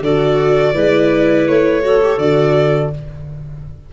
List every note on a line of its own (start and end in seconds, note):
0.00 0.72 D3
0.00 0.74 F#4
0.00 0.73 A4
0.00 1.47 D5
0.73 1.47 G#3
0.73 1.82 E4
0.73 1.82 B4
1.47 2.17 A3
1.47 2.19 C#5
1.82 2.00 F#4
1.82 2.93 A4
2.02 2.19 G4
2.17 2.89 D3
2.17 2.91 F#4
2.17 2.91 D5